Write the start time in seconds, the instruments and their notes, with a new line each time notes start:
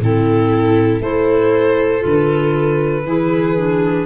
0.00 tuba A2, clarinet C4, viola E4, violin A4
1.01 tuba A3, clarinet E4, viola A4, violin C5
2.00 tuba D3, clarinet F4, violin B4
3.06 tuba E3, clarinet E4, viola G#4
3.57 clarinet D4